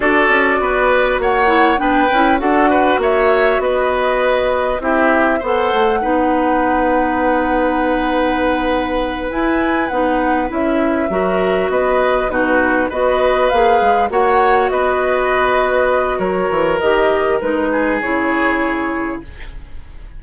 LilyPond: <<
  \new Staff \with { instrumentName = "flute" } { \time 4/4 \tempo 4 = 100 d''2 fis''4 g''4 | fis''4 e''4 dis''2 | e''4 fis''2.~ | fis''2.~ fis''8 gis''8~ |
gis''8 fis''4 e''2 dis''8~ | dis''8 b'4 dis''4 f''4 fis''8~ | fis''8 dis''2~ dis''8 cis''4 | dis''4 b'4 cis''2 | }
  \new Staff \with { instrumentName = "oboe" } { \time 4/4 a'4 b'4 cis''4 b'4 | a'8 b'8 cis''4 b'2 | g'4 c''4 b'2~ | b'1~ |
b'2~ b'8 ais'4 b'8~ | b'8 fis'4 b'2 cis''8~ | cis''8 b'2~ b'8 ais'4~ | ais'4. gis'2~ gis'8 | }
  \new Staff \with { instrumentName = "clarinet" } { \time 4/4 fis'2~ fis'8 e'8 d'8 e'8 | fis'1 | e'4 a'4 dis'2~ | dis'2.~ dis'8 e'8~ |
e'8 dis'4 e'4 fis'4.~ | fis'8 dis'4 fis'4 gis'4 fis'8~ | fis'1 | g'4 dis'4 e'2 | }
  \new Staff \with { instrumentName = "bassoon" } { \time 4/4 d'8 cis'8 b4 ais4 b8 cis'8 | d'4 ais4 b2 | c'4 b8 a8 b2~ | b2.~ b8 e'8~ |
e'8 b4 cis'4 fis4 b8~ | b8 b,4 b4 ais8 gis8 ais8~ | ais8 b2~ b8 fis8 e8 | dis4 gis4 cis2 | }
>>